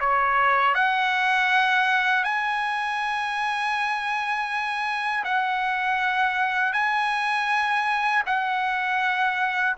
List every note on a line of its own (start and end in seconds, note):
0.00 0.74 C#5
0.74 2.24 F#5
2.24 5.24 G#5
5.24 6.72 F#5
6.72 8.22 G#5
8.26 9.76 F#5